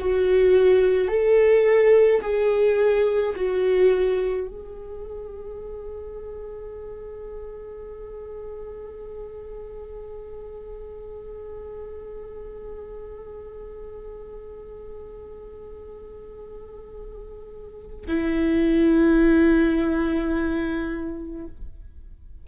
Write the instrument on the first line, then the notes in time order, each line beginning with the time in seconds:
viola
0.00 F#4
1.09 A4
2.22 G#4
3.36 F#4
4.48 G#4
18.08 E4